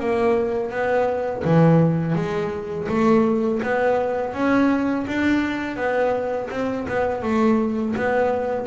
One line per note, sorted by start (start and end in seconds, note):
0.00 0.71 A#3
0.71 1.43 B3
1.45 2.16 E3
2.16 2.88 G#3
2.89 3.61 A3
3.63 4.34 B3
4.34 5.06 C#4
5.08 5.77 D4
5.77 6.49 B3
6.51 6.87 C4
6.88 7.23 B3
7.23 7.95 A3
7.96 8.67 B3